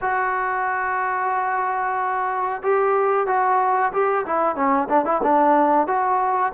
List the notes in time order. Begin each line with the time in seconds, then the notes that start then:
0.01 F#4
2.62 G4
3.26 F#4
3.92 G4
4.26 E4
4.55 C#4
4.89 D4
5.05 E4
5.22 D4
5.87 F#4